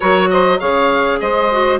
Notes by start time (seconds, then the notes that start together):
0.00 F#3 F#4 A#4 C#5
0.30 C5 D#5
0.59 C#3 G#4 C#5 F5
1.20 G#3 C5 D#5
1.51 F#4